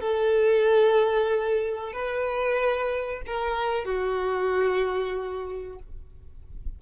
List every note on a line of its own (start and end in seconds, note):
0.00 1.92 A4
1.92 3.21 B4
3.26 3.84 A#4
3.84 5.78 F#4